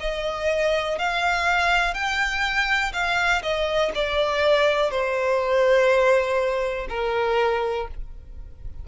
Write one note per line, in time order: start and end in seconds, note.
0.00 0.98 D#5
0.98 1.94 F5
1.94 2.92 G5
2.93 3.42 F5
3.42 3.92 D#5
3.95 4.91 D5
4.91 6.88 C5
6.89 7.88 A#4